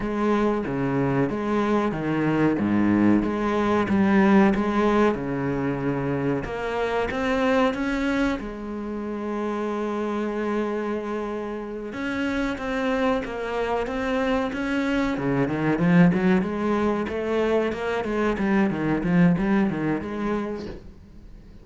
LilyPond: \new Staff \with { instrumentName = "cello" } { \time 4/4 \tempo 4 = 93 gis4 cis4 gis4 dis4 | gis,4 gis4 g4 gis4 | cis2 ais4 c'4 | cis'4 gis2.~ |
gis2~ gis8 cis'4 c'8~ | c'8 ais4 c'4 cis'4 cis8 | dis8 f8 fis8 gis4 a4 ais8 | gis8 g8 dis8 f8 g8 dis8 gis4 | }